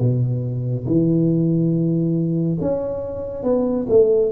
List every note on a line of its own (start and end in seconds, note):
0.00 0.86 B2
0.86 2.58 E3
2.61 3.44 C#4
3.44 3.86 B3
3.89 4.32 A3